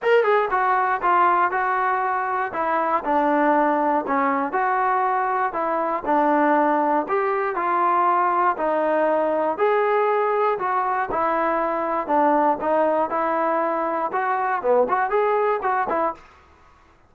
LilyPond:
\new Staff \with { instrumentName = "trombone" } { \time 4/4 \tempo 4 = 119 ais'8 gis'8 fis'4 f'4 fis'4~ | fis'4 e'4 d'2 | cis'4 fis'2 e'4 | d'2 g'4 f'4~ |
f'4 dis'2 gis'4~ | gis'4 fis'4 e'2 | d'4 dis'4 e'2 | fis'4 b8 fis'8 gis'4 fis'8 e'8 | }